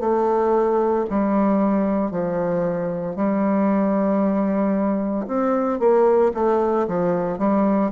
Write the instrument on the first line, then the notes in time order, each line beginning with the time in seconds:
bassoon
0.00 A3
1.10 G3
2.11 F3
3.16 G3
5.27 C4
5.79 A#3
6.34 A3
6.88 F3
7.38 G3